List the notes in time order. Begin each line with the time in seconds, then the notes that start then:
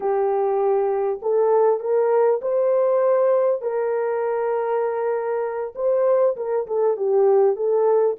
0.00 G4
1.21 A4
1.80 A#4
2.41 C5
3.61 A#4
5.75 C5
6.36 A#4
6.67 A4
6.96 G4
7.56 A4